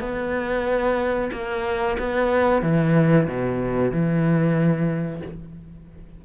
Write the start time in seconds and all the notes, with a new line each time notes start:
0.00 B3
1.32 A#3
1.98 B3
2.62 E3
3.28 B2
3.91 E3